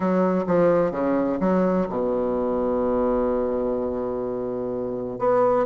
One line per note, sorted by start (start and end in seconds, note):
0.00 0.45 F#3
0.46 0.91 F3
0.91 1.38 C#3
1.40 1.87 F#3
1.89 5.18 B2
5.18 5.66 B3